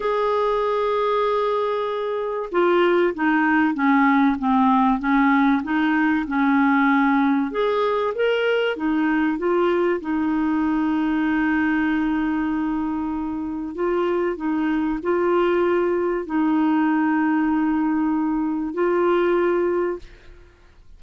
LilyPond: \new Staff \with { instrumentName = "clarinet" } { \time 4/4 \tempo 4 = 96 gis'1 | f'4 dis'4 cis'4 c'4 | cis'4 dis'4 cis'2 | gis'4 ais'4 dis'4 f'4 |
dis'1~ | dis'2 f'4 dis'4 | f'2 dis'2~ | dis'2 f'2 | }